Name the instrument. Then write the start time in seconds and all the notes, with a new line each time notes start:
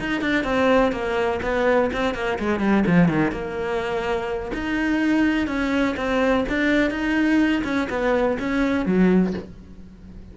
cello
0.00 D#4
0.22 D4
0.45 C4
0.93 A#3
1.43 B3
1.93 C4
2.15 A#3
2.40 G#3
2.60 G3
2.87 F3
3.09 D#3
3.32 A#3
4.54 D#4
5.48 C#4
5.97 C4
6.49 D4
6.91 D#4
7.65 C#4
7.90 B3
8.40 C#4
8.86 F#3